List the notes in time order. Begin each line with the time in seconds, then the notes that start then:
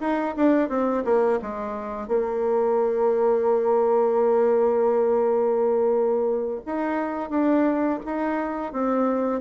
0.00 D#4
0.36 D4
0.69 C4
1.04 A#3
1.42 G#3
2.07 A#3
6.66 D#4
7.29 D4
8.05 D#4
8.72 C4